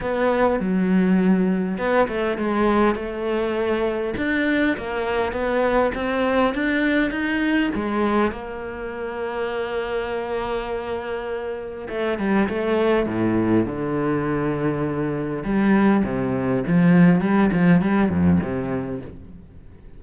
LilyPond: \new Staff \with { instrumentName = "cello" } { \time 4/4 \tempo 4 = 101 b4 fis2 b8 a8 | gis4 a2 d'4 | ais4 b4 c'4 d'4 | dis'4 gis4 ais2~ |
ais1 | a8 g8 a4 a,4 d4~ | d2 g4 c4 | f4 g8 f8 g8 f,8 c4 | }